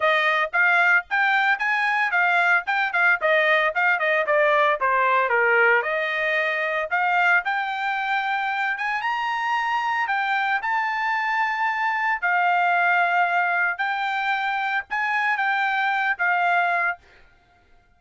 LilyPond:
\new Staff \with { instrumentName = "trumpet" } { \time 4/4 \tempo 4 = 113 dis''4 f''4 g''4 gis''4 | f''4 g''8 f''8 dis''4 f''8 dis''8 | d''4 c''4 ais'4 dis''4~ | dis''4 f''4 g''2~ |
g''8 gis''8 ais''2 g''4 | a''2. f''4~ | f''2 g''2 | gis''4 g''4. f''4. | }